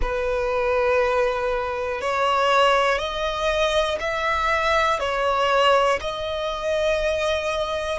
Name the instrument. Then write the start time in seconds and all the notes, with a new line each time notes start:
violin
0.01 B4
2.01 C#5
2.98 D#5
4.00 E5
5.00 C#5
6.00 D#5